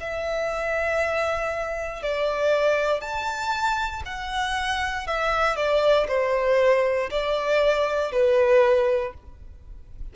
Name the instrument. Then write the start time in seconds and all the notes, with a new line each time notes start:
violin
0.00 E5
2.02 D5
3.01 A5
4.06 F#5
5.07 E5
5.57 D5
6.08 C5
7.11 D5
8.12 B4